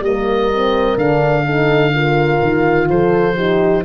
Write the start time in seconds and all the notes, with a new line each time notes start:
0.00 G3 A#3 D#5
0.07 A#4
0.52 C4
0.97 D3 D4 F5
1.45 D#4 A4
1.93 F4 A#4
2.42 D#3
2.89 F3 A4 C5
3.36 D#4 G4